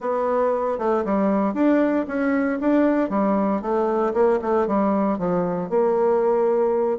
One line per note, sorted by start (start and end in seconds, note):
0.00 0.78 B3
0.78 1.04 A3
1.04 1.54 G3
1.54 2.05 D4
2.07 2.59 C#4
2.60 3.09 D4
3.09 3.61 G3
3.61 4.13 A3
4.13 4.39 A#3
4.41 4.67 A3
4.67 5.18 G3
5.18 5.69 F3
5.69 6.98 A#3